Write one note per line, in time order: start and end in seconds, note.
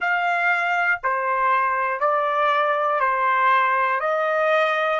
0.00 1.00 F5
1.03 2.00 C5
2.00 3.00 D5
3.00 4.00 C5
4.00 5.00 D#5